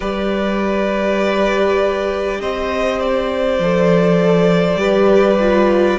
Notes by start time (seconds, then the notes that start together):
0.00 G3 G4 B4 D5
2.40 C4 C5 D#5
3.00 D5
3.59 F3 A4
4.75 G3 G4 B4
5.39 F4